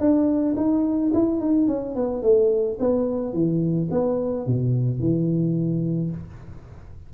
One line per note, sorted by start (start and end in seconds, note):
0.00 0.56 D4
0.57 1.12 D#4
1.14 1.41 E4
1.41 1.68 D#4
1.68 1.95 C#4
1.96 2.22 B3
2.22 2.78 A3
2.80 3.34 B3
3.34 3.89 E3
3.91 4.46 B3
4.46 5.00 B2
5.00 6.11 E3